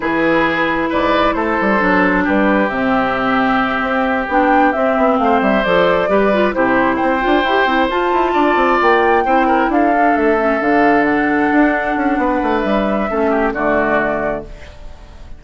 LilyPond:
<<
  \new Staff \with { instrumentName = "flute" } { \time 4/4 \tempo 4 = 133 b'2 d''4 c''4~ | c''4 b'4 e''2~ | e''4. g''4 e''4 f''8 | e''8 d''2 c''4 g''8~ |
g''4. a''2 g''8~ | g''4. f''4 e''4 f''8~ | f''8 fis''2.~ fis''8 | e''2 d''2 | }
  \new Staff \with { instrumentName = "oboe" } { \time 4/4 gis'2 b'4 a'4~ | a'4 g'2.~ | g'2.~ g'8 c''8~ | c''4. b'4 g'4 c''8~ |
c''2~ c''8 d''4.~ | d''8 c''8 ais'8 a'2~ a'8~ | a'2. b'4~ | b'4 a'8 g'8 fis'2 | }
  \new Staff \with { instrumentName = "clarinet" } { \time 4/4 e'1 | d'2 c'2~ | c'4. d'4 c'4.~ | c'8 a'4 g'8 f'8 e'4. |
f'8 g'8 e'8 f'2~ f'8~ | f'8 e'4. d'4 cis'8 d'8~ | d'1~ | d'4 cis'4 a2 | }
  \new Staff \with { instrumentName = "bassoon" } { \time 4/4 e2 gis,4 a8 g8 | fis4 g4 c2~ | c8 c'4 b4 c'8 b8 a8 | g8 f4 g4 c4 c'8 |
d'8 e'8 c'8 f'8 e'8 d'8 c'8 ais8~ | ais8 c'4 d'4 a4 d8~ | d4. d'4 cis'8 b8 a8 | g4 a4 d2 | }
>>